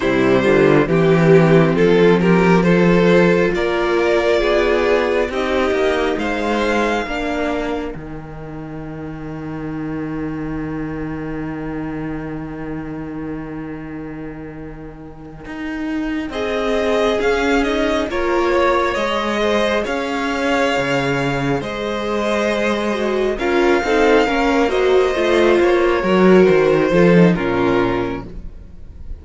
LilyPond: <<
  \new Staff \with { instrumentName = "violin" } { \time 4/4 \tempo 4 = 68 c''4 g'4 a'8 ais'8 c''4 | d''2 dis''4 f''4~ | f''4 g''2.~ | g''1~ |
g''2~ g''8 dis''4 f''8 | dis''8 cis''4 dis''4 f''4.~ | f''8 dis''2 f''4. | dis''4 cis''4 c''4 ais'4 | }
  \new Staff \with { instrumentName = "violin" } { \time 4/4 e'8 f'8 g'4 f'8 g'8 a'4 | ais'4 gis'4 g'4 c''4 | ais'1~ | ais'1~ |
ais'2~ ais'8 gis'4.~ | gis'8 ais'8 cis''4 c''8 cis''4.~ | cis''8 c''2 ais'8 a'8 ais'8 | c''4. ais'4 a'8 f'4 | }
  \new Staff \with { instrumentName = "viola" } { \time 4/4 g4 c'2 f'4~ | f'2 dis'2 | d'4 dis'2.~ | dis'1~ |
dis'2.~ dis'8 cis'8 | dis'8 f'4 gis'2~ gis'8~ | gis'2 fis'8 f'8 dis'8 cis'8 | fis'8 f'4 fis'4 f'16 dis'16 cis'4 | }
  \new Staff \with { instrumentName = "cello" } { \time 4/4 c8 d8 e4 f2 | ais4 b4 c'8 ais8 gis4 | ais4 dis2.~ | dis1~ |
dis4. dis'4 c'4 cis'8~ | cis'8 ais4 gis4 cis'4 cis8~ | cis8 gis2 cis'8 c'8 ais8~ | ais8 a8 ais8 fis8 dis8 f8 ais,4 | }
>>